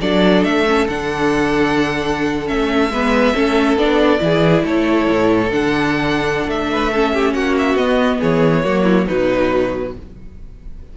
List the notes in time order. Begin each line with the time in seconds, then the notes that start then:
0.00 F#3 D4 A4 D5
0.43 A3 E5
0.66 C#4
0.87 D3 D4 F#5
2.46 A3 C#4 E5
2.90 G#3 B3 B4
3.33 A3 C#4 A4
3.76 B3 D4 D5
4.19 E3 E4 G#4
4.63 A3 A4 C#5
5.09 A2
5.50 D3 D4 F#5
6.47 A3 E5
6.71 B4
6.91 C#4 A4
7.13 G4
7.33 A#3 F#4 F#5
7.57 E5
7.74 B3 D#5
8.19 E3 G#4 C#5
8.64 F#3 A#3 F#4
8.83 E4
9.06 B2 F#3 D#4 B4